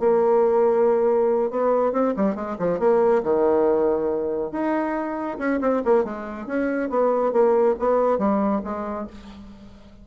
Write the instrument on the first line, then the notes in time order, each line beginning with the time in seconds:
bassoon
0.00 A#3
1.51 B3
1.93 C4
2.17 G3
2.36 G#3
2.59 F3
2.80 A#3
3.24 D#3
4.52 D#4
5.39 C#4
5.61 C4
5.85 A#3
6.05 G#3
6.47 C#4
6.90 B3
7.33 A#3
7.80 B3
8.19 G3
8.64 G#3